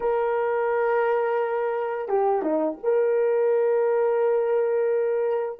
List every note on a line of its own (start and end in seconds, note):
0.00 2.08 A#4
2.08 2.42 G4
2.42 2.77 D#4
2.83 5.59 A#4